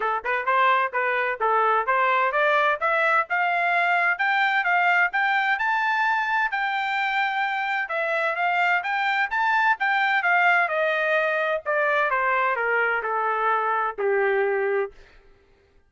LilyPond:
\new Staff \with { instrumentName = "trumpet" } { \time 4/4 \tempo 4 = 129 a'8 b'8 c''4 b'4 a'4 | c''4 d''4 e''4 f''4~ | f''4 g''4 f''4 g''4 | a''2 g''2~ |
g''4 e''4 f''4 g''4 | a''4 g''4 f''4 dis''4~ | dis''4 d''4 c''4 ais'4 | a'2 g'2 | }